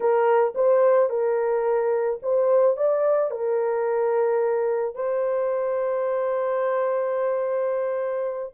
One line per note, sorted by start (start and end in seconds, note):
0.00 0.53 A#4
0.55 1.09 C5
1.09 2.19 A#4
2.22 2.76 C5
2.76 3.30 D5
3.30 4.95 A#4
4.95 8.52 C5